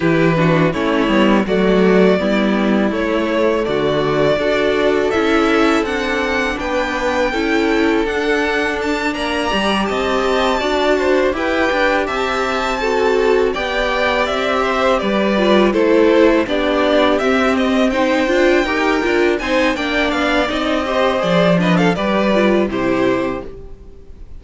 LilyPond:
<<
  \new Staff \with { instrumentName = "violin" } { \time 4/4 \tempo 4 = 82 b'4 cis''4 d''2 | cis''4 d''2 e''4 | fis''4 g''2 fis''4 | a''8 ais''4 a''2 g''8~ |
g''8 a''2 g''4 e''8~ | e''8 d''4 c''4 d''4 e''8 | dis''8 g''2 gis''8 g''8 f''8 | dis''4 d''8 dis''16 f''16 d''4 c''4 | }
  \new Staff \with { instrumentName = "violin" } { \time 4/4 g'8 fis'8 e'4 fis'4 e'4~ | e'4 fis'4 a'2~ | a'4 b'4 a'2~ | a'8 d''4 dis''4 d''8 c''8 b'8~ |
b'8 e''4 a'4 d''4. | c''8 b'4 a'4 g'4.~ | g'8 c''4 ais'4 c''8 d''4~ | d''8 c''4 b'16 a'16 b'4 g'4 | }
  \new Staff \with { instrumentName = "viola" } { \time 4/4 e'8 d'8 cis'8 b8 a4 b4 | a2 fis'4 e'4 | d'2 e'4 d'4~ | d'4 g'4. fis'4 g'8~ |
g'4. fis'4 g'4.~ | g'4 f'8 e'4 d'4 c'8~ | c'8 dis'8 f'8 g'8 f'8 dis'8 d'4 | dis'8 g'8 gis'8 d'8 g'8 f'8 e'4 | }
  \new Staff \with { instrumentName = "cello" } { \time 4/4 e4 a8 g8 fis4 g4 | a4 d4 d'4 cis'4 | c'4 b4 cis'4 d'4~ | d'8 ais8 g8 c'4 d'4 e'8 |
d'8 c'2 b4 c'8~ | c'8 g4 a4 b4 c'8~ | c'4 d'8 dis'8 d'8 c'8 ais8 b8 | c'4 f4 g4 c4 | }
>>